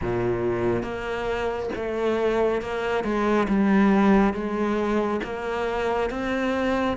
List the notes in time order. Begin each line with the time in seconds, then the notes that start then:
0.01 A#2
0.83 A#3
1.75 A3
2.61 A#3
3.04 G#3
3.48 G3
4.33 G#3
5.23 A#3
6.09 C4